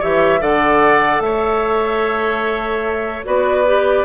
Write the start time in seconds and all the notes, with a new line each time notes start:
0.00 E3 G4 C#5 E5
0.41 D3 A4 D5 F#5
1.20 A3 C#5 E5
3.25 B3 F#4 B4 D5
3.67 G4